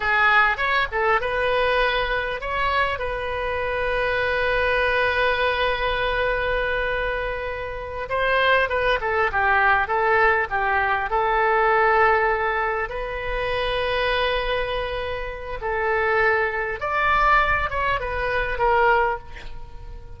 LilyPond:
\new Staff \with { instrumentName = "oboe" } { \time 4/4 \tempo 4 = 100 gis'4 cis''8 a'8 b'2 | cis''4 b'2.~ | b'1~ | b'4. c''4 b'8 a'8 g'8~ |
g'8 a'4 g'4 a'4.~ | a'4. b'2~ b'8~ | b'2 a'2 | d''4. cis''8 b'4 ais'4 | }